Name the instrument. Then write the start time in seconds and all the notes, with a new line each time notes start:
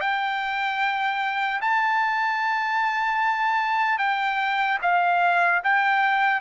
trumpet
0.00 G5
1.61 A5
3.98 G5
4.81 F5
5.63 G5